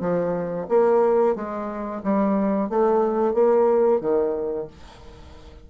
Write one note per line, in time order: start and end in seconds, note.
0.00 0.67 F3
0.68 1.35 A#3
1.35 2.02 G#3
2.03 2.69 G3
2.69 3.34 A3
3.34 4.00 A#3
4.00 4.67 D#3